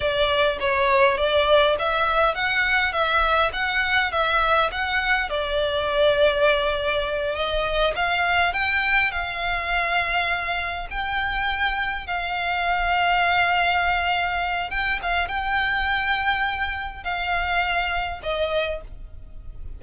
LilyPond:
\new Staff \with { instrumentName = "violin" } { \time 4/4 \tempo 4 = 102 d''4 cis''4 d''4 e''4 | fis''4 e''4 fis''4 e''4 | fis''4 d''2.~ | d''8 dis''4 f''4 g''4 f''8~ |
f''2~ f''8 g''4.~ | g''8 f''2.~ f''8~ | f''4 g''8 f''8 g''2~ | g''4 f''2 dis''4 | }